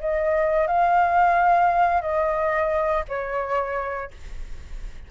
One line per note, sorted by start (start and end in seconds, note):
0.00 0.67 D#5
0.67 2.02 F5
2.02 3.04 D#5
3.09 4.11 C#5